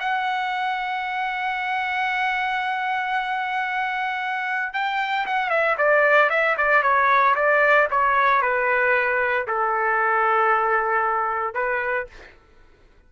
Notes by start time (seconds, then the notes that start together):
0.00 F#5
4.74 G5
5.27 F#5
5.50 E5
5.78 D5
6.30 E5
6.58 D5
6.83 C#5
7.36 D5
7.91 C#5
8.42 B4
9.48 A4
11.55 B4